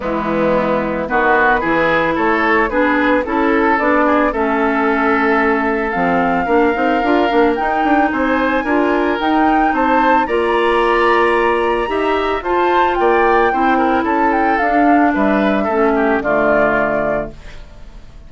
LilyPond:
<<
  \new Staff \with { instrumentName = "flute" } { \time 4/4 \tempo 4 = 111 e'2 b'2 | cis''4 b'4 a'4 d''4 | e''2. f''4~ | f''2 g''4 gis''4~ |
gis''4 g''4 a''4 ais''4~ | ais''2. a''4 | g''2 a''8 g''8 f''4 | e''2 d''2 | }
  \new Staff \with { instrumentName = "oboe" } { \time 4/4 b2 fis'4 gis'4 | a'4 gis'4 a'4. gis'8 | a'1 | ais'2. c''4 |
ais'2 c''4 d''4~ | d''2 e''4 c''4 | d''4 c''8 ais'8 a'2 | b'4 a'8 g'8 f'2 | }
  \new Staff \with { instrumentName = "clarinet" } { \time 4/4 gis2 b4 e'4~ | e'4 d'4 e'4 d'4 | cis'2. c'4 | d'8 dis'8 f'8 d'8 dis'2 |
f'4 dis'2 f'4~ | f'2 g'4 f'4~ | f'4 e'2 d'4~ | d'4 cis'4 a2 | }
  \new Staff \with { instrumentName = "bassoon" } { \time 4/4 e2 dis4 e4 | a4 b4 cis'4 b4 | a2. f4 | ais8 c'8 d'8 ais8 dis'8 d'8 c'4 |
d'4 dis'4 c'4 ais4~ | ais2 dis'4 f'4 | ais4 c'4 cis'4 d'4 | g4 a4 d2 | }
>>